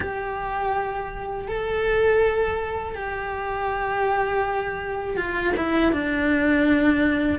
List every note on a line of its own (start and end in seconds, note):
0.00 1.47 G4
1.47 2.95 A4
2.95 5.16 G4
5.16 5.54 F4
5.57 5.92 E4
5.92 7.39 D4